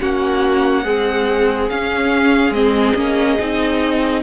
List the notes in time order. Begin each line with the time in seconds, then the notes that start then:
0.00 A#3 C#4 F#4 F#5
0.84 G#3 C4 G#4
1.69 C#4 F5
2.50 G#3 C4 D#5
2.95 A#3 C#4
3.39 C4 D#4